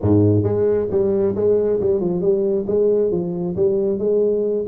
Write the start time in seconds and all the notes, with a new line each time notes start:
0.01 G#2
0.43 G#3
0.90 G3
1.35 G#3
1.80 G3
2.00 F3
2.21 G3
2.67 G#3
3.11 F3
3.56 G3
3.98 G#3